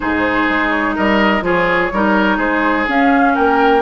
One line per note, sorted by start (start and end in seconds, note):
0.00 0.49 G#2
0.00 1.42 D#4
0.00 0.95 G#4
0.00 0.69 C5
0.49 0.97 G#3
0.69 0.93 C#5
0.95 1.41 G3
0.95 1.43 A#4
0.95 1.44 D#5
1.41 1.89 F3
1.41 1.90 F4
1.41 1.92 G#4
1.41 2.39 C#5
1.92 2.38 G3
1.92 2.87 D#4
1.92 2.37 A#4
2.37 2.86 G#3
2.37 3.33 G#4
2.37 2.87 C5
2.87 3.81 C#4
2.87 3.36 C#4
2.87 3.35 F5
3.35 3.81 A#3
3.35 3.81 A#4
3.35 3.81 G5